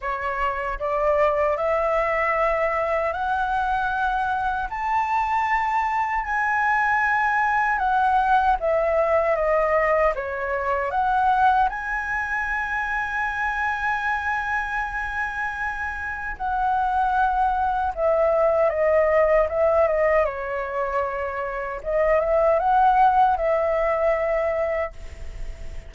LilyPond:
\new Staff \with { instrumentName = "flute" } { \time 4/4 \tempo 4 = 77 cis''4 d''4 e''2 | fis''2 a''2 | gis''2 fis''4 e''4 | dis''4 cis''4 fis''4 gis''4~ |
gis''1~ | gis''4 fis''2 e''4 | dis''4 e''8 dis''8 cis''2 | dis''8 e''8 fis''4 e''2 | }